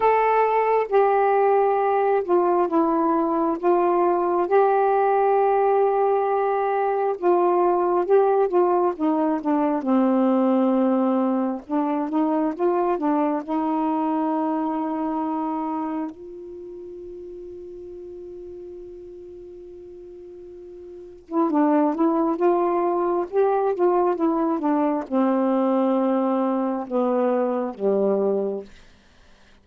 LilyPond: \new Staff \with { instrumentName = "saxophone" } { \time 4/4 \tempo 4 = 67 a'4 g'4. f'8 e'4 | f'4 g'2. | f'4 g'8 f'8 dis'8 d'8 c'4~ | c'4 d'8 dis'8 f'8 d'8 dis'4~ |
dis'2 f'2~ | f'2.~ f'8. e'16 | d'8 e'8 f'4 g'8 f'8 e'8 d'8 | c'2 b4 g4 | }